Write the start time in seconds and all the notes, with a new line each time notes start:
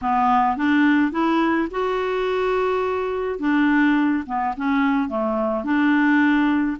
0.01 B3
0.57 D4
1.11 E4
1.70 F#4
3.39 D4
4.26 B3
4.56 C#4
5.08 A3
5.63 D4